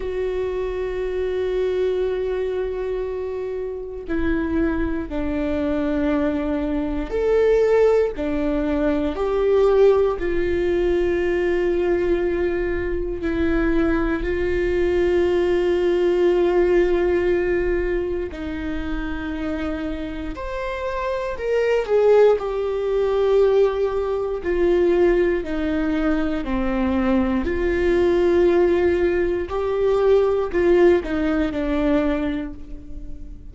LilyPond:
\new Staff \with { instrumentName = "viola" } { \time 4/4 \tempo 4 = 59 fis'1 | e'4 d'2 a'4 | d'4 g'4 f'2~ | f'4 e'4 f'2~ |
f'2 dis'2 | c''4 ais'8 gis'8 g'2 | f'4 dis'4 c'4 f'4~ | f'4 g'4 f'8 dis'8 d'4 | }